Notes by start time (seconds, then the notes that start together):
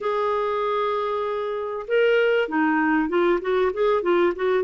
0.00 G#4
1.87 A#4
2.48 D#4
3.08 F4
3.41 F#4
3.73 G#4
4.02 F4
4.35 F#4